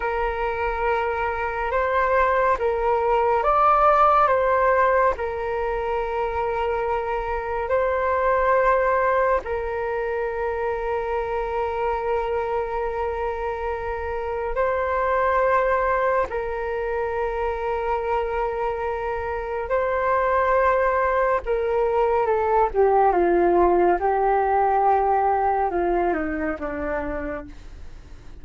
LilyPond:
\new Staff \with { instrumentName = "flute" } { \time 4/4 \tempo 4 = 70 ais'2 c''4 ais'4 | d''4 c''4 ais'2~ | ais'4 c''2 ais'4~ | ais'1~ |
ais'4 c''2 ais'4~ | ais'2. c''4~ | c''4 ais'4 a'8 g'8 f'4 | g'2 f'8 dis'8 d'4 | }